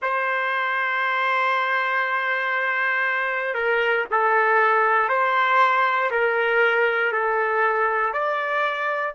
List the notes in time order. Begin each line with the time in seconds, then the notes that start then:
0.01 C5
3.54 A#4
4.10 A4
5.08 C5
6.10 A#4
7.12 A4
8.12 D5